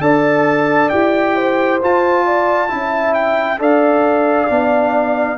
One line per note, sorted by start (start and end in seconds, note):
0.00 0.90 D4
0.00 0.90 A4
0.00 1.35 D5
0.00 0.89 A5
0.89 1.82 E4
0.89 1.81 G4
0.89 1.78 G5
1.35 2.25 C5
1.82 2.68 F4
1.82 2.72 F4
1.82 3.14 A5
2.25 2.70 D5
2.68 3.59 C#4
2.68 3.57 E4
2.68 3.60 E5
3.14 3.59 G5
3.58 4.49 D4
3.58 4.47 A4
3.58 5.37 D5
3.58 5.37 F5
4.50 5.37 B3
4.50 5.37 D4